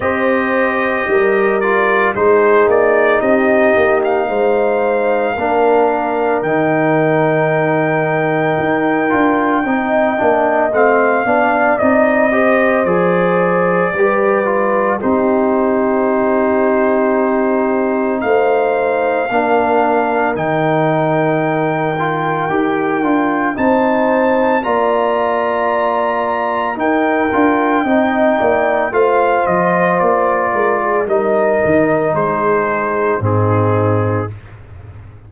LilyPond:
<<
  \new Staff \with { instrumentName = "trumpet" } { \time 4/4 \tempo 4 = 56 dis''4. d''8 c''8 d''8 dis''8. f''16~ | f''2 g''2~ | g''2 f''4 dis''4 | d''2 c''2~ |
c''4 f''2 g''4~ | g''2 a''4 ais''4~ | ais''4 g''2 f''8 dis''8 | d''4 dis''4 c''4 gis'4 | }
  \new Staff \with { instrumentName = "horn" } { \time 4/4 c''4 ais'4 gis'4 g'4 | c''4 ais'2.~ | ais'4 dis''4. d''4 c''8~ | c''4 b'4 g'2~ |
g'4 c''4 ais'2~ | ais'2 c''4 d''4~ | d''4 ais'4 dis''8 d''8 c''4~ | c''8 ais'16 gis'16 ais'4 gis'4 dis'4 | }
  \new Staff \with { instrumentName = "trombone" } { \time 4/4 g'4. f'8 dis'2~ | dis'4 d'4 dis'2~ | dis'8 f'8 dis'8 d'8 c'8 d'8 dis'8 g'8 | gis'4 g'8 f'8 dis'2~ |
dis'2 d'4 dis'4~ | dis'8 f'8 g'8 f'8 dis'4 f'4~ | f'4 dis'8 f'8 dis'4 f'4~ | f'4 dis'2 c'4 | }
  \new Staff \with { instrumentName = "tuba" } { \time 4/4 c'4 g4 gis8 ais8 c'8 ais8 | gis4 ais4 dis2 | dis'8 d'8 c'8 ais8 a8 b8 c'4 | f4 g4 c'2~ |
c'4 a4 ais4 dis4~ | dis4 dis'8 d'8 c'4 ais4~ | ais4 dis'8 d'8 c'8 ais8 a8 f8 | ais8 gis8 g8 dis8 gis4 gis,4 | }
>>